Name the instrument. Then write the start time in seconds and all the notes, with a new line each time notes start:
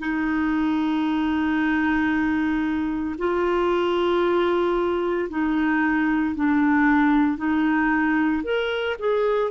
clarinet
0.00 D#4
3.19 F4
5.30 D#4
6.36 D4
7.38 D#4
8.44 A#4
9.00 G#4